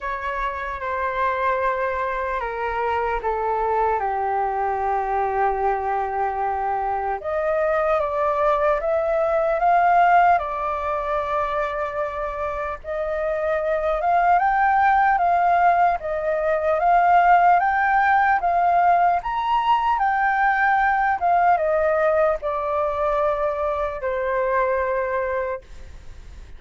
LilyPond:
\new Staff \with { instrumentName = "flute" } { \time 4/4 \tempo 4 = 75 cis''4 c''2 ais'4 | a'4 g'2.~ | g'4 dis''4 d''4 e''4 | f''4 d''2. |
dis''4. f''8 g''4 f''4 | dis''4 f''4 g''4 f''4 | ais''4 g''4. f''8 dis''4 | d''2 c''2 | }